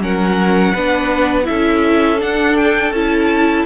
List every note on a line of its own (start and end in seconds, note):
0.00 0.73 F#3
0.00 0.74 C#4
0.00 0.73 A#4
0.00 1.46 F#5
0.73 1.48 B3
0.73 1.44 D4
0.73 1.46 B4
1.44 2.22 C#4
1.44 2.17 E4
1.44 3.66 A4
1.44 2.19 E5
2.18 2.91 D4
2.18 2.57 F#5
2.57 2.92 G5
2.91 3.64 C#4
2.91 3.66 E4
2.91 3.66 A5